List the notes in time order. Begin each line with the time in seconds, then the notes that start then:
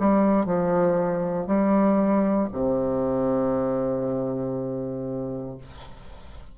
0.00 G3
0.46 F3
1.47 G3
2.53 C3